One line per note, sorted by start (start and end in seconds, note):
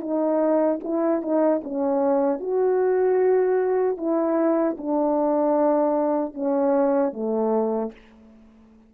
0.00 0.79 D#4
0.83 1.22 E4
1.22 1.61 D#4
1.63 2.40 C#4
2.40 3.97 F#4
3.97 4.76 E4
4.77 6.34 D4
6.34 7.12 C#4
7.12 7.91 A3